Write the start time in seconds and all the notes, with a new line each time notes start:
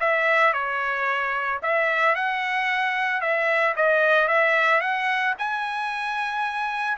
0.00 E5
0.54 C#5
1.63 E5
2.15 F#5
3.21 E5
3.76 D#5
4.28 E5
4.81 F#5
5.39 G#5